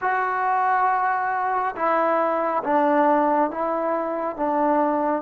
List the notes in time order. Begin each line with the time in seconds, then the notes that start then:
0.01 F#4
1.75 E4
2.63 D4
3.50 E4
4.36 D4